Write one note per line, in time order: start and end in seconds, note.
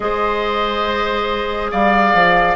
0.00 1.71 G#3
0.00 2.56 G#4
0.00 1.71 C5
0.00 1.70 D#5
1.71 2.14 G3
1.71 2.56 D5
1.71 2.56 F5
2.14 2.56 F3